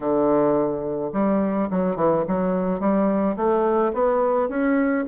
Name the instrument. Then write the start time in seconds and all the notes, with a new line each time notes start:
bassoon
0.00 D3
1.12 G3
1.70 F#3
1.96 E3
2.27 F#3
2.79 G3
3.36 A3
3.93 B3
4.48 C#4